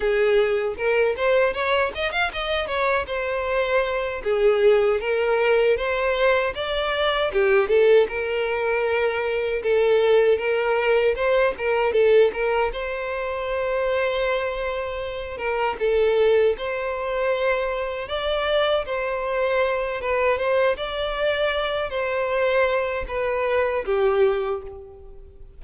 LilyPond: \new Staff \with { instrumentName = "violin" } { \time 4/4 \tempo 4 = 78 gis'4 ais'8 c''8 cis''8 dis''16 f''16 dis''8 cis''8 | c''4. gis'4 ais'4 c''8~ | c''8 d''4 g'8 a'8 ais'4.~ | ais'8 a'4 ais'4 c''8 ais'8 a'8 |
ais'8 c''2.~ c''8 | ais'8 a'4 c''2 d''8~ | d''8 c''4. b'8 c''8 d''4~ | d''8 c''4. b'4 g'4 | }